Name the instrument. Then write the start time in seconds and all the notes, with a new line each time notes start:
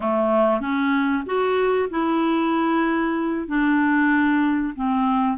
clarinet
0.00 A3
0.60 C#4
1.26 F#4
1.90 E4
3.47 D4
4.75 C4